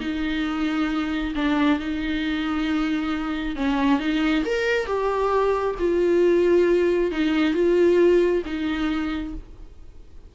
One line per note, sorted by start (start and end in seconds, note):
0.00 1.33 D#4
1.35 1.79 D4
1.79 3.56 D#4
3.56 3.99 C#4
3.99 4.43 D#4
4.45 4.86 A#4
4.86 5.75 G4
5.79 7.11 F4
7.11 7.54 D#4
7.54 8.42 F4
8.45 9.34 D#4